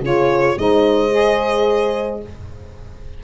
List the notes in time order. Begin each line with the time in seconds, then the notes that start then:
0.00 C#3 F4 G#4 C#5
0.57 G#3 D#4 C5 D#5
1.11 G#4